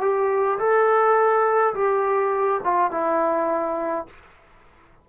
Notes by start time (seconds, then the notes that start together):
0.00 G4
0.58 A4
1.74 G4
2.63 F4
2.91 E4